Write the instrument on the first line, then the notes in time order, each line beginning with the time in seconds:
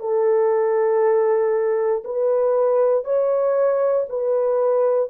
horn
0.00 A4
2.04 B4
3.04 C#5
4.09 B4